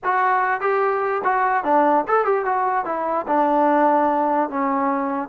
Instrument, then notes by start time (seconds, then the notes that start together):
trombone
0.03 F#4
0.60 G4
1.24 F#4
1.64 D4
2.07 A4
2.24 G4
2.45 F#4
2.85 E4
3.27 D4
4.49 C#4